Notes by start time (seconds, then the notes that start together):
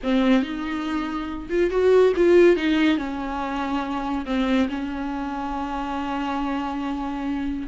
0.03 C4
0.42 D#4
1.49 F4
1.70 F#4
2.16 F4
2.56 D#4
2.97 C#4
4.25 C4
4.69 C#4